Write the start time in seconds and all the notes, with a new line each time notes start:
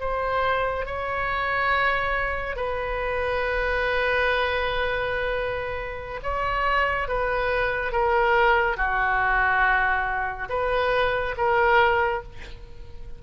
0.00 C5
0.86 C#5
2.56 B4
6.23 C#5
7.08 B4
7.92 A#4
8.77 F#4
10.50 B4
11.37 A#4